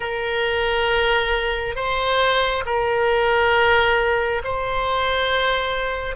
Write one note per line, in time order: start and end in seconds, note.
0.00 1.75 A#4
1.75 2.64 C5
2.65 4.42 A#4
4.44 6.15 C5